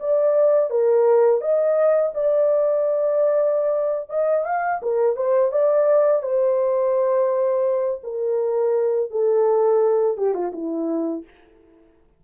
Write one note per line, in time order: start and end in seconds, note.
0.00 0.70 D5
0.70 1.41 A#4
1.41 2.13 D#5
2.14 4.10 D5
4.10 4.45 D#5
4.45 4.81 F5
4.82 5.17 A#4
5.17 5.52 C5
5.52 6.23 D5
6.23 8.01 C5
8.04 9.11 A#4
9.11 10.18 A4
10.18 10.34 G4
10.34 10.52 F4
10.53 11.24 E4